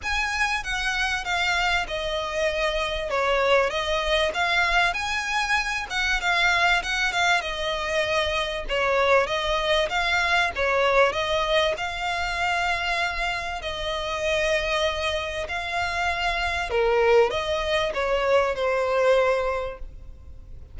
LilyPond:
\new Staff \with { instrumentName = "violin" } { \time 4/4 \tempo 4 = 97 gis''4 fis''4 f''4 dis''4~ | dis''4 cis''4 dis''4 f''4 | gis''4. fis''8 f''4 fis''8 f''8 | dis''2 cis''4 dis''4 |
f''4 cis''4 dis''4 f''4~ | f''2 dis''2~ | dis''4 f''2 ais'4 | dis''4 cis''4 c''2 | }